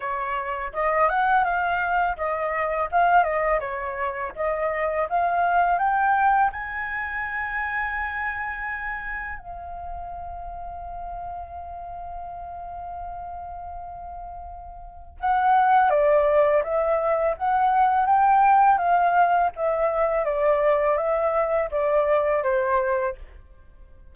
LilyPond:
\new Staff \with { instrumentName = "flute" } { \time 4/4 \tempo 4 = 83 cis''4 dis''8 fis''8 f''4 dis''4 | f''8 dis''8 cis''4 dis''4 f''4 | g''4 gis''2.~ | gis''4 f''2.~ |
f''1~ | f''4 fis''4 d''4 e''4 | fis''4 g''4 f''4 e''4 | d''4 e''4 d''4 c''4 | }